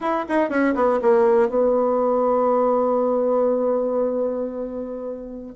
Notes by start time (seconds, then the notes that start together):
0.00 E4
0.28 D#4
0.49 C#4
0.75 B3
1.02 A#3
1.49 B3